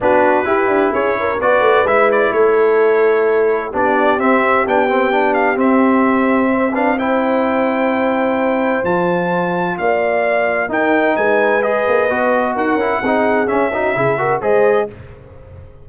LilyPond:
<<
  \new Staff \with { instrumentName = "trumpet" } { \time 4/4 \tempo 4 = 129 b'2 cis''4 d''4 | e''8 d''8 cis''2. | d''4 e''4 g''4. f''8 | e''2~ e''8 f''8 g''4~ |
g''2. a''4~ | a''4 f''2 g''4 | gis''4 dis''2 fis''4~ | fis''4 e''2 dis''4 | }
  \new Staff \with { instrumentName = "horn" } { \time 4/4 fis'4 g'4 gis'8 ais'8 b'4~ | b'4 a'2. | g'1~ | g'2 c''8 b'8 c''4~ |
c''1~ | c''4 d''2 ais'4 | b'2. ais'4 | gis'4. fis'8 gis'8 ais'8 c''4 | }
  \new Staff \with { instrumentName = "trombone" } { \time 4/4 d'4 e'2 fis'4 | e'1 | d'4 c'4 d'8 c'8 d'4 | c'2~ c'8 d'8 e'4~ |
e'2. f'4~ | f'2. dis'4~ | dis'4 gis'4 fis'4. e'8 | dis'4 cis'8 dis'8 e'8 fis'8 gis'4 | }
  \new Staff \with { instrumentName = "tuba" } { \time 4/4 b4 e'8 d'8 cis'4 b8 a8 | gis4 a2. | b4 c'4 b2 | c'1~ |
c'2. f4~ | f4 ais2 dis'4 | gis4. ais8 b4 dis'8 cis'8 | c'4 cis'4 cis4 gis4 | }
>>